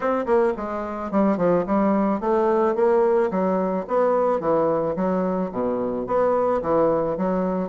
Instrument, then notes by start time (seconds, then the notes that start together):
bassoon
0.00 C4
0.26 A#3
0.57 G#3
1.11 G3
1.37 F3
1.66 G3
2.20 A3
2.75 A#3
3.30 F#3
3.87 B3
4.40 E3
4.95 F#3
5.51 B2
6.06 B3
6.62 E3
7.17 F#3